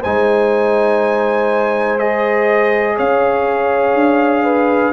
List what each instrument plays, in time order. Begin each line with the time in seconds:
0.00 tuba G#3, trombone D#4, horn C5, trumpet G#5
1.99 trombone G#4, trumpet D#5
2.97 tuba C#4, horn C#5, trumpet F5
3.94 tuba D4
4.44 horn B4